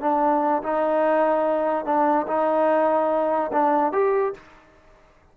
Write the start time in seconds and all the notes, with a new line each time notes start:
0.00 D4
0.62 D#4
1.85 D4
2.27 D#4
3.52 D4
3.92 G4